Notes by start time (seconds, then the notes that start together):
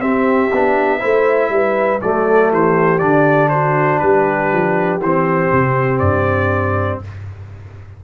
0.00 C4 G4 E5
0.51 B3 D4
0.99 A3 E4 C5
1.49 G3 B4
2.01 F#3 A3 A4 D5
2.50 E3 G4 C5
2.98 D3 D4 D5
3.49 F#4 C5
3.99 G3 G4 B4
4.52 F3
5.00 E3 C4 C5
5.52 C3
5.99 G2 D5